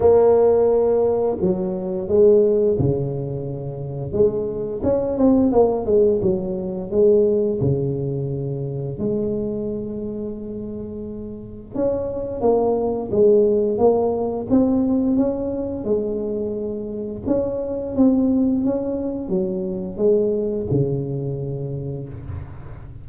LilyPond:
\new Staff \with { instrumentName = "tuba" } { \time 4/4 \tempo 4 = 87 ais2 fis4 gis4 | cis2 gis4 cis'8 c'8 | ais8 gis8 fis4 gis4 cis4~ | cis4 gis2.~ |
gis4 cis'4 ais4 gis4 | ais4 c'4 cis'4 gis4~ | gis4 cis'4 c'4 cis'4 | fis4 gis4 cis2 | }